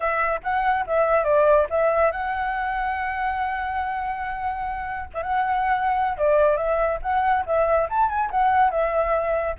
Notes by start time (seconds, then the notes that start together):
0.00 E5
0.43 F#5
0.86 E5
1.24 D5
1.69 E5
2.11 F#5
5.14 E5
5.22 F#5
6.17 D5
6.56 E5
7.02 F#5
7.46 E5
7.89 A5
8.09 G#5
8.30 F#5
8.70 E5